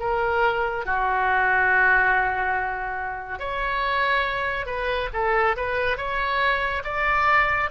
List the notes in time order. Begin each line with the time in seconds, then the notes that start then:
0.00 A#4
0.86 F#4
3.40 C#5
4.66 B4
5.14 A4
5.57 B4
5.97 C#5
6.85 D5